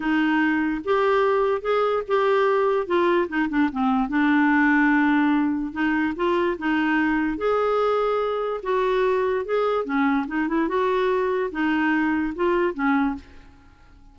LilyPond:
\new Staff \with { instrumentName = "clarinet" } { \time 4/4 \tempo 4 = 146 dis'2 g'2 | gis'4 g'2 f'4 | dis'8 d'8 c'4 d'2~ | d'2 dis'4 f'4 |
dis'2 gis'2~ | gis'4 fis'2 gis'4 | cis'4 dis'8 e'8 fis'2 | dis'2 f'4 cis'4 | }